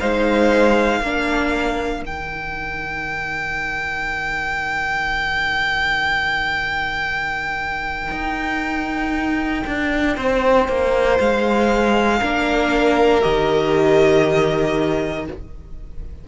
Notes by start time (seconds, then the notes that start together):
0.00 G#3 D#4 C5 F5
1.00 A#3 D4 A#4
2.01 D#3 D#4 G5
8.11 D#4
9.67 D4
10.16 C4 C5
10.68 A#3
11.19 G#3 F5
12.19 A#3 D4 A#4
13.21 D#3 G4 D#5